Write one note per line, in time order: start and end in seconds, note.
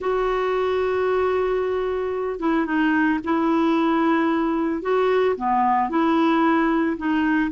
0.00 2.39 F#4
2.39 2.65 E4
2.65 3.19 D#4
3.24 4.82 E4
4.82 5.35 F#4
5.36 5.89 B3
5.89 6.96 E4
6.97 7.50 D#4